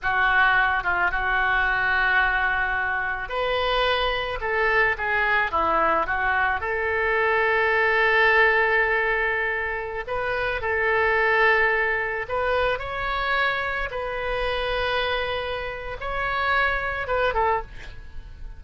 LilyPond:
\new Staff \with { instrumentName = "oboe" } { \time 4/4 \tempo 4 = 109 fis'4. f'8 fis'2~ | fis'2 b'2 | a'4 gis'4 e'4 fis'4 | a'1~ |
a'2~ a'16 b'4 a'8.~ | a'2~ a'16 b'4 cis''8.~ | cis''4~ cis''16 b'2~ b'8.~ | b'4 cis''2 b'8 a'8 | }